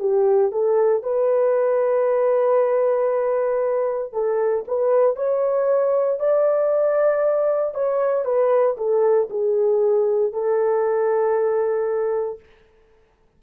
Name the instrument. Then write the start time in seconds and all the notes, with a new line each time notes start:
horn
0.00 G4
0.52 A4
1.03 B4
4.13 A4
4.68 B4
5.16 C#5
6.20 D5
7.75 C#5
8.25 B4
8.77 A4
9.30 G#4
10.33 A4